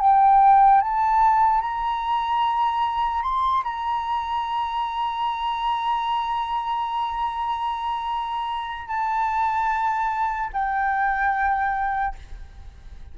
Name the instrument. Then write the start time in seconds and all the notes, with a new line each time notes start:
flute
0.00 G5
0.81 A5
1.61 A#5
3.23 C6
3.64 A#5
8.88 A5
10.53 G5